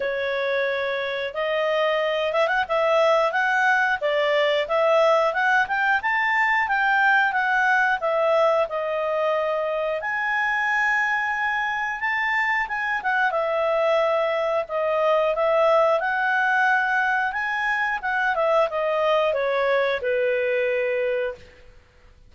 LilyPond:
\new Staff \with { instrumentName = "clarinet" } { \time 4/4 \tempo 4 = 90 cis''2 dis''4. e''16 fis''16 | e''4 fis''4 d''4 e''4 | fis''8 g''8 a''4 g''4 fis''4 | e''4 dis''2 gis''4~ |
gis''2 a''4 gis''8 fis''8 | e''2 dis''4 e''4 | fis''2 gis''4 fis''8 e''8 | dis''4 cis''4 b'2 | }